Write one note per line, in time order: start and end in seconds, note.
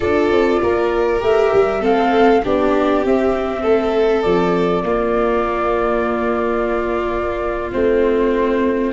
0.00 0.31 D4
0.00 1.19 F4
0.00 0.60 A4
0.00 1.21 D5
0.31 0.61 C4
0.62 1.22 A#3
0.62 1.80 A#4
1.19 1.52 A3
1.19 1.80 G4
1.19 1.83 E5
1.54 1.84 G3
1.80 2.45 A3
1.80 2.41 C4
1.80 2.41 A4
1.80 2.44 F5
2.43 3.05 B3
2.43 3.05 D4
2.43 3.61 G4
2.43 3.05 D5
3.05 3.63 C4
3.05 4.84 C4
3.05 4.22 E5
3.61 4.24 A3
3.61 4.83 A4
4.22 4.82 F3
4.22 7.70 D5
4.82 7.70 A#3
4.82 7.72 A#3
4.82 8.93 F4
7.72 8.93 A3
7.72 8.93 C4
7.72 8.93 C5